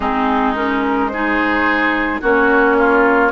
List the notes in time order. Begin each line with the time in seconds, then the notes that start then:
0.00 G#3 C4 D#4 G#4
0.55 C#4 A#4
1.09 D#4 G#4 C5
2.21 A#3 C#4 F#4 C#5
2.78 F4